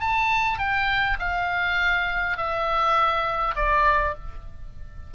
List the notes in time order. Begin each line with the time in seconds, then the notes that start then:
0.00 A5
0.58 G5
1.20 F5
2.37 E5
3.56 D5